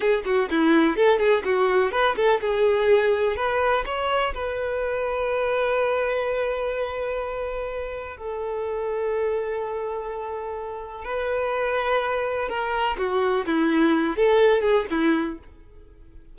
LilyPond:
\new Staff \with { instrumentName = "violin" } { \time 4/4 \tempo 4 = 125 gis'8 fis'8 e'4 a'8 gis'8 fis'4 | b'8 a'8 gis'2 b'4 | cis''4 b'2.~ | b'1~ |
b'4 a'2.~ | a'2. b'4~ | b'2 ais'4 fis'4 | e'4. a'4 gis'8 e'4 | }